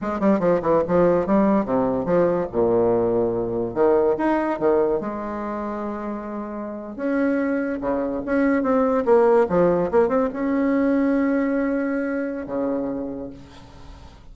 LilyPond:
\new Staff \with { instrumentName = "bassoon" } { \time 4/4 \tempo 4 = 144 gis8 g8 f8 e8 f4 g4 | c4 f4 ais,2~ | ais,4 dis4 dis'4 dis4 | gis1~ |
gis8. cis'2 cis4 cis'16~ | cis'8. c'4 ais4 f4 ais16~ | ais16 c'8 cis'2.~ cis'16~ | cis'2 cis2 | }